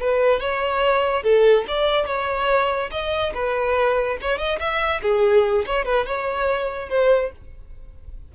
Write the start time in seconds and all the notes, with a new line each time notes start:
0.00 B4
0.40 C#5
1.23 A4
1.68 D5
2.07 C#5
2.91 D#5
3.34 B4
4.21 C#5
4.38 D#5
4.59 E5
5.02 G#4
5.66 C#5
5.85 B4
6.06 C#5
6.90 C5